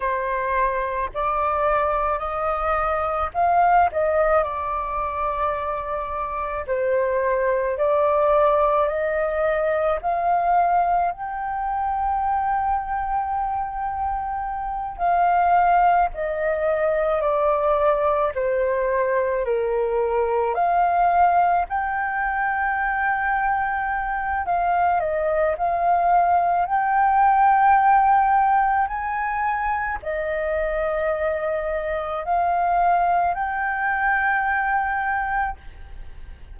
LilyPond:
\new Staff \with { instrumentName = "flute" } { \time 4/4 \tempo 4 = 54 c''4 d''4 dis''4 f''8 dis''8 | d''2 c''4 d''4 | dis''4 f''4 g''2~ | g''4. f''4 dis''4 d''8~ |
d''8 c''4 ais'4 f''4 g''8~ | g''2 f''8 dis''8 f''4 | g''2 gis''4 dis''4~ | dis''4 f''4 g''2 | }